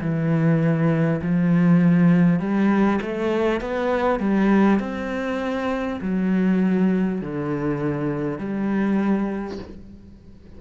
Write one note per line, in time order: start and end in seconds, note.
0.00 1.20 E3
1.21 2.39 F3
2.39 2.99 G3
3.01 3.61 A3
3.61 4.19 B3
4.19 4.79 G3
4.79 5.99 C4
6.01 7.21 F#3
7.21 8.38 D3
8.38 9.58 G3